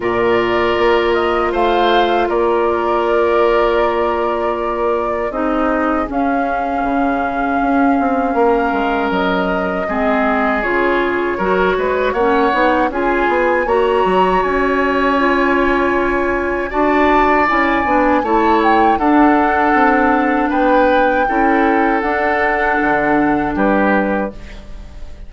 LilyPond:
<<
  \new Staff \with { instrumentName = "flute" } { \time 4/4 \tempo 4 = 79 d''4. dis''8 f''4 d''4~ | d''2. dis''4 | f''1 | dis''2 cis''2 |
fis''4 gis''4 ais''4 gis''4~ | gis''2 a''4 gis''4 | a''8 g''8 fis''2 g''4~ | g''4 fis''2 b'4 | }
  \new Staff \with { instrumentName = "oboe" } { \time 4/4 ais'2 c''4 ais'4~ | ais'2. gis'4~ | gis'2. ais'4~ | ais'4 gis'2 ais'8 b'8 |
cis''4 gis'4 cis''2~ | cis''2 d''2 | cis''4 a'2 b'4 | a'2. g'4 | }
  \new Staff \with { instrumentName = "clarinet" } { \time 4/4 f'1~ | f'2. dis'4 | cis'1~ | cis'4 c'4 f'4 fis'4 |
cis'8 dis'8 f'4 fis'2 | f'2 fis'4 e'8 d'8 | e'4 d'2. | e'4 d'2. | }
  \new Staff \with { instrumentName = "bassoon" } { \time 4/4 ais,4 ais4 a4 ais4~ | ais2. c'4 | cis'4 cis4 cis'8 c'8 ais8 gis8 | fis4 gis4 cis4 fis8 gis8 |
ais8 b8 cis'8 b8 ais8 fis8 cis'4~ | cis'2 d'4 cis'8 b8 | a4 d'4 c'4 b4 | cis'4 d'4 d4 g4 | }
>>